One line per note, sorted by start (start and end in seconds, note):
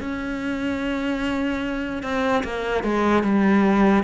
0.00 2.03 C#4
2.03 2.43 C4
2.44 2.84 A#3
2.84 3.23 G#3
3.23 4.04 G3